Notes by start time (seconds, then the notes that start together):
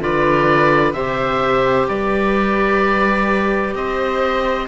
0.00 D3 F4 B4 D5
0.93 C3 G4 C5 E5
1.88 G3 B4 D5
3.74 C4 C5 D#5